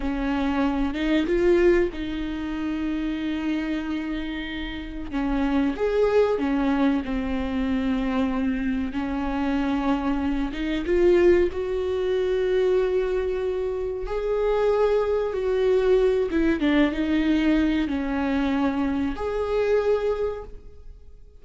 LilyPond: \new Staff \with { instrumentName = "viola" } { \time 4/4 \tempo 4 = 94 cis'4. dis'8 f'4 dis'4~ | dis'1 | cis'4 gis'4 cis'4 c'4~ | c'2 cis'2~ |
cis'8 dis'8 f'4 fis'2~ | fis'2 gis'2 | fis'4. e'8 d'8 dis'4. | cis'2 gis'2 | }